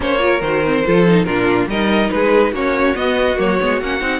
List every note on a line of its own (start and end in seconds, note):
0.00 0.41 A#3
0.00 0.19 C#4
0.00 0.22 C5
0.00 0.41 C#5
0.19 0.40 F4
0.25 0.86 A#4
0.41 0.83 D#3
0.41 0.64 F#4
0.41 1.24 C5
0.65 0.86 C4
0.86 1.25 F3
0.86 1.07 F4
0.86 1.26 A4
1.07 1.26 D#4
1.24 1.66 A#2
1.24 1.69 D4
1.24 1.68 F4
1.24 1.66 A#4
1.66 2.09 G3
1.66 2.54 D#4
1.66 2.11 A#4
1.66 2.10 D#5
2.10 2.52 G#3
2.10 2.52 G#4
2.10 2.52 B4
2.52 2.94 A#3
2.52 2.95 C#4
2.52 4.20 F#4
2.52 2.96 C#5
2.95 3.36 B3
2.95 3.38 B3
2.95 3.38 D#5
3.36 3.59 F#3
3.36 3.58 A#3
3.36 3.82 C#5
3.60 3.80 G#3
3.60 3.81 B3
3.80 4.01 A#3
3.80 4.00 C#4
3.80 4.20 F#5
4.00 4.20 C4
4.00 4.20 D#4